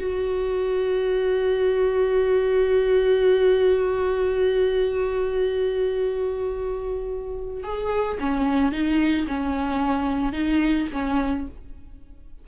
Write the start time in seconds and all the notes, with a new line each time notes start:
0.00 F#4
7.63 G#4
8.20 C#4
8.72 D#4
9.28 C#4
10.33 D#4
10.93 C#4